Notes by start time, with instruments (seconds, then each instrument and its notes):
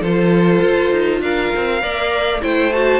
0.00 cello F3, viola F4, violin A4 C5
0.62 cello F4
0.92 cello D#4
1.21 cello D4, violin A#4 F5
1.56 cello C4
1.80 cello A#3, viola A#4, violin D5
2.42 cello A3, viola E4, violin C5 G5
2.73 viola F#4, violin A5